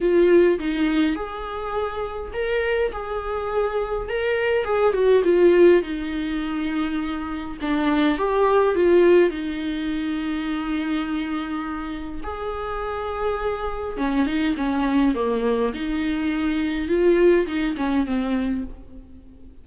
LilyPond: \new Staff \with { instrumentName = "viola" } { \time 4/4 \tempo 4 = 103 f'4 dis'4 gis'2 | ais'4 gis'2 ais'4 | gis'8 fis'8 f'4 dis'2~ | dis'4 d'4 g'4 f'4 |
dis'1~ | dis'4 gis'2. | cis'8 dis'8 cis'4 ais4 dis'4~ | dis'4 f'4 dis'8 cis'8 c'4 | }